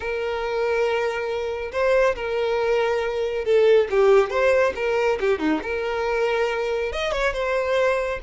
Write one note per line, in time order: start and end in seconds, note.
0.00 1.71 A#4
1.71 2.15 C5
2.15 3.44 A#4
3.44 3.88 A4
3.90 4.30 G4
4.30 4.73 C5
4.75 5.18 A#4
5.20 5.38 G4
5.38 5.60 D#4
5.63 6.92 A#4
6.92 7.12 D#5
7.12 7.33 C#5
7.33 8.19 C5